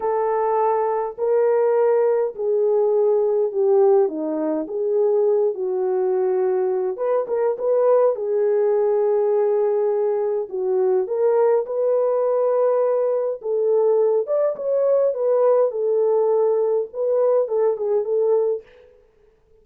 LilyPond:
\new Staff \with { instrumentName = "horn" } { \time 4/4 \tempo 4 = 103 a'2 ais'2 | gis'2 g'4 dis'4 | gis'4. fis'2~ fis'8 | b'8 ais'8 b'4 gis'2~ |
gis'2 fis'4 ais'4 | b'2. a'4~ | a'8 d''8 cis''4 b'4 a'4~ | a'4 b'4 a'8 gis'8 a'4 | }